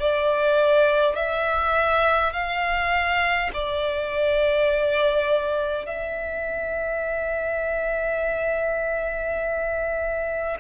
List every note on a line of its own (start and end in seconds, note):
0.00 1.16 D5
1.16 2.33 E5
2.33 3.51 F5
3.54 5.86 D5
5.86 10.57 E5